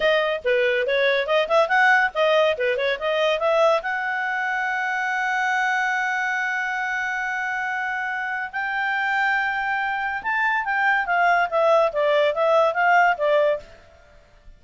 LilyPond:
\new Staff \with { instrumentName = "clarinet" } { \time 4/4 \tempo 4 = 141 dis''4 b'4 cis''4 dis''8 e''8 | fis''4 dis''4 b'8 cis''8 dis''4 | e''4 fis''2.~ | fis''1~ |
fis''1 | g''1 | a''4 g''4 f''4 e''4 | d''4 e''4 f''4 d''4 | }